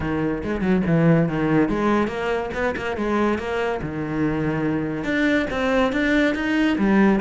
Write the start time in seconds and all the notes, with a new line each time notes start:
0.00 D#3
0.43 G#3
0.61 F#3
0.86 E3
1.28 D#3
1.68 G#3
2.07 A#3
2.54 B3
2.76 A#3
2.96 G#3
3.38 A#3
3.82 D#3
5.04 D4
5.50 C4
5.92 D4
6.34 D#4
6.77 G3